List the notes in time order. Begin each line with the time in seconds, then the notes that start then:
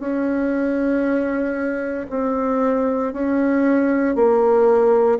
0.00 C#4
2.10 C4
3.14 C#4
4.16 A#3